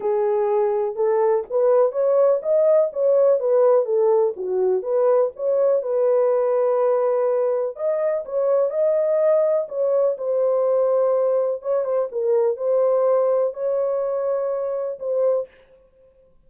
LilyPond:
\new Staff \with { instrumentName = "horn" } { \time 4/4 \tempo 4 = 124 gis'2 a'4 b'4 | cis''4 dis''4 cis''4 b'4 | a'4 fis'4 b'4 cis''4 | b'1 |
dis''4 cis''4 dis''2 | cis''4 c''2. | cis''8 c''8 ais'4 c''2 | cis''2. c''4 | }